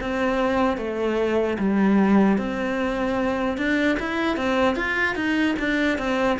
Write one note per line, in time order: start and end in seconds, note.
0.00 0.77 C4
0.77 1.57 A3
1.58 2.37 G3
2.37 3.57 C4
3.57 3.97 D4
3.99 4.36 E4
4.36 4.76 C4
4.76 5.15 F4
5.15 5.55 D#4
5.59 5.98 D4
5.98 6.38 C4